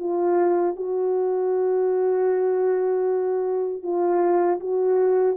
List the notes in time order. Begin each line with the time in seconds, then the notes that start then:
0.00 F4
0.76 F#4
3.83 F4
4.60 F#4